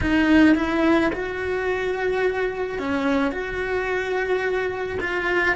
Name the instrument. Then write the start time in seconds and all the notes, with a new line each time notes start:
cello
0.00 D#4
0.55 E4
1.12 F#4
2.78 C#4
3.31 F#4
5.00 F4